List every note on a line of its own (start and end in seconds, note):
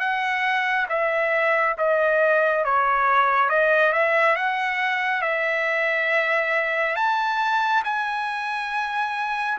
0.00 0.87 F#5
0.90 1.77 E5
1.78 2.65 D#5
2.65 3.50 C#5
3.50 3.93 D#5
3.93 4.36 E5
4.36 5.23 F#5
5.23 6.96 E5
6.96 7.83 A5
7.85 9.58 G#5